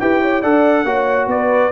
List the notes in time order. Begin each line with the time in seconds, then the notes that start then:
0.00 E4 G4 B4 G5
0.22 C#5
0.42 D4 A4 D5 F#5
0.85 A#3 F#4 C#5
1.27 B3 B4 D5